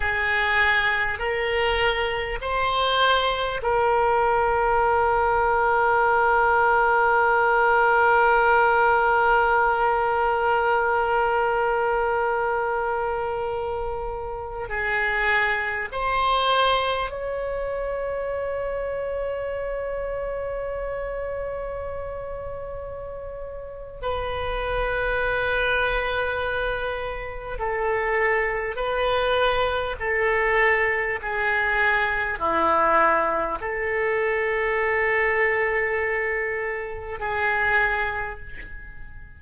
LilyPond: \new Staff \with { instrumentName = "oboe" } { \time 4/4 \tempo 4 = 50 gis'4 ais'4 c''4 ais'4~ | ais'1~ | ais'1~ | ais'16 gis'4 c''4 cis''4.~ cis''16~ |
cis''1 | b'2. a'4 | b'4 a'4 gis'4 e'4 | a'2. gis'4 | }